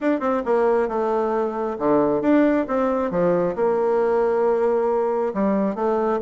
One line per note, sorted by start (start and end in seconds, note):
0.00 0.20 D4
0.20 0.42 C4
0.45 0.88 A#3
0.88 1.77 A3
1.78 2.21 D3
2.21 2.66 D4
2.67 3.11 C4
3.11 3.55 F3
3.55 5.33 A#3
5.34 5.75 G3
5.75 6.19 A3